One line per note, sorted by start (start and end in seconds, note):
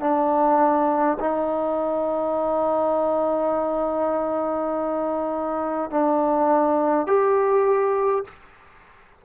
0.00 1.18 D4
1.20 5.90 D#4
5.90 7.07 D4
7.07 8.25 G4